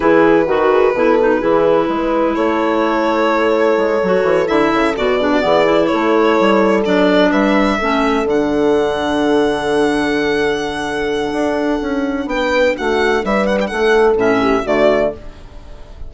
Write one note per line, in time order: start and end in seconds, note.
0.00 0.46 E3
0.00 0.46 E4
0.00 0.46 G#4
0.00 2.35 B4
0.46 0.93 D#3
0.46 0.70 F#4
0.46 0.95 F#4
0.71 0.94 G#4
0.93 1.40 B2
0.93 1.19 E4
0.93 1.39 A4
1.20 1.40 D#4
1.39 1.88 E3
1.39 4.00 E4
1.39 1.86 G#4
1.88 2.35 G#3
1.88 2.34 B4
2.34 3.77 A3
2.34 5.18 A4
2.34 4.47 C#5
3.77 4.01 G#3
4.02 4.23 F#3
4.02 4.46 F#4
4.23 4.46 E3
4.46 4.72 D3
4.46 4.93 E4
4.46 4.95 E5
4.73 4.96 C#3
4.96 5.43 B2
4.96 5.20 F#4
4.96 5.86 D5
5.19 5.41 D4
5.19 5.31 G#4
5.32 5.43 F#4
5.41 5.91 E3
5.41 5.64 B3
5.41 5.89 G#4
5.65 6.83 E4
5.86 7.30 A4
5.86 6.81 C#5
5.93 6.40 A3
6.40 6.86 G3
6.85 7.31 F#3
6.85 7.80 D4
6.85 7.32 D5
7.30 7.79 G3
7.30 7.77 B4
7.30 8.26 E5
7.77 8.24 A3
7.77 8.25 C#4
7.77 12.26 A4
8.24 11.31 D3
8.24 14.15 D4
8.24 12.28 F#5
11.32 11.79 D4
11.81 12.25 C#4
12.25 12.73 B3
12.25 12.76 B4
12.25 12.75 G5
12.76 13.24 A3
12.76 13.24 F#4
12.76 13.24 F#5
13.24 13.71 G3
13.24 13.69 B4
13.24 13.46 E5
13.46 13.58 F#5
13.60 14.14 F#5
13.60 13.66 G5
13.69 14.14 A3
13.69 14.40 A4
14.14 14.62 A2
14.14 14.63 C#4
14.14 14.66 E5
14.40 14.63 G4
14.63 15.12 D3
14.63 15.12 A3
14.63 15.10 F#4
14.63 15.14 D5